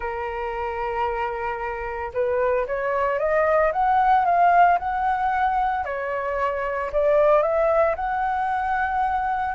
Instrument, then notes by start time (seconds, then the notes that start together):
flute
0.00 A#4
2.13 B4
2.67 C#5
3.19 D#5
3.72 F#5
4.25 F5
4.78 F#5
5.84 C#5
6.92 D5
7.42 E5
7.95 F#5